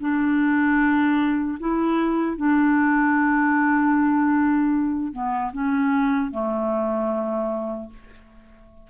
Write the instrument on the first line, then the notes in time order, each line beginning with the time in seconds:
clarinet
0.00 D4
1.59 E4
2.37 D4
5.12 B3
5.52 C#4
6.31 A3